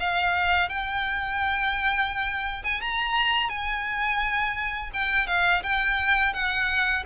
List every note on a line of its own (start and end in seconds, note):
0.00 0.69 F5
0.69 2.63 G5
2.64 2.81 G#5
2.81 3.49 A#5
3.49 4.91 G#5
4.94 5.27 G5
5.27 5.63 F5
5.63 6.34 G5
6.34 7.04 F#5